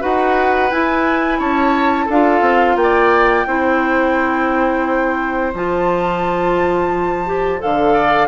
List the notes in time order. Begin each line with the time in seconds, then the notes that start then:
0.00 D#4 F#4 B4 F#5
0.71 E4 G#5
1.39 C#4 C#5 A5
2.06 D4 F4 A4 F5
2.41 C4
2.75 A#3 G5
2.83 D5
3.46 C4 E4 C5
5.54 F3 F4 A5
7.26 G4
7.59 D3 A4 F5
7.93 D5